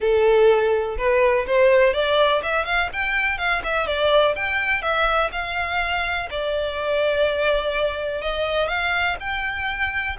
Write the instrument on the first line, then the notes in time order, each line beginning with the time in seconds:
violin
0.00 A4
0.97 B4
1.46 C5
1.93 D5
2.42 E5
2.65 F5
2.93 G5
3.38 F5
3.63 E5
3.86 D5
4.35 G5
4.81 E5
5.31 F5
6.30 D5
8.21 D#5
8.68 F5
9.20 G5